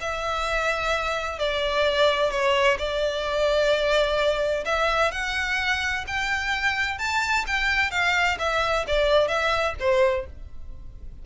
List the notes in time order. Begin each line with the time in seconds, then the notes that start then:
0.00 E5
1.38 D5
2.30 C#5
2.78 D5
4.65 E5
5.11 F#5
6.07 G5
6.98 A5
7.46 G5
7.91 F5
8.39 E5
8.87 D5
9.28 E5
9.79 C5